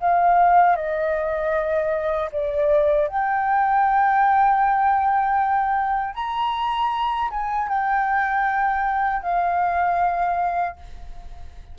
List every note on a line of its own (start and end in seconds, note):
0.00 0.76 F5
0.76 2.30 D#5
2.33 3.08 D5
3.08 6.15 G5
6.15 7.30 A#5
7.30 7.69 G#5
7.69 9.23 G5
9.23 10.77 F5